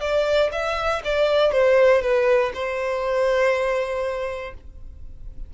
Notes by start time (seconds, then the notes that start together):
0.00 D5
0.52 E5
1.04 D5
1.52 C5
2.02 B4
2.54 C5